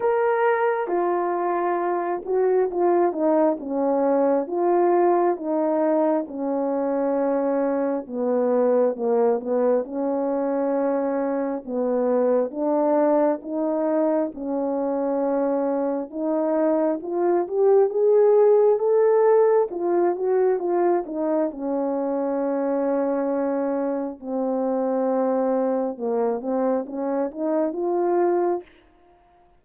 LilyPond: \new Staff \with { instrumentName = "horn" } { \time 4/4 \tempo 4 = 67 ais'4 f'4. fis'8 f'8 dis'8 | cis'4 f'4 dis'4 cis'4~ | cis'4 b4 ais8 b8 cis'4~ | cis'4 b4 d'4 dis'4 |
cis'2 dis'4 f'8 g'8 | gis'4 a'4 f'8 fis'8 f'8 dis'8 | cis'2. c'4~ | c'4 ais8 c'8 cis'8 dis'8 f'4 | }